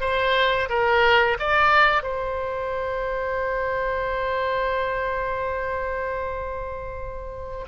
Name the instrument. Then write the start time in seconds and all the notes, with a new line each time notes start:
oboe
0.00 C5
0.69 A#4
1.39 D5
2.02 C5